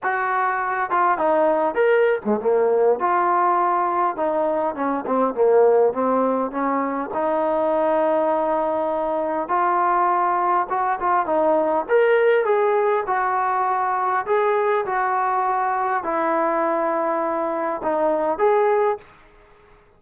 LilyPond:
\new Staff \with { instrumentName = "trombone" } { \time 4/4 \tempo 4 = 101 fis'4. f'8 dis'4 ais'8. gis16 | ais4 f'2 dis'4 | cis'8 c'8 ais4 c'4 cis'4 | dis'1 |
f'2 fis'8 f'8 dis'4 | ais'4 gis'4 fis'2 | gis'4 fis'2 e'4~ | e'2 dis'4 gis'4 | }